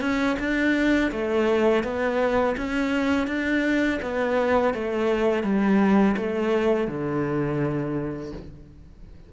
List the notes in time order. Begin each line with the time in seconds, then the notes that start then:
0.00 C#4
0.39 D4
1.11 A3
1.83 B3
2.57 C#4
3.27 D4
4.02 B3
4.74 A3
5.43 G3
6.16 A3
6.87 D3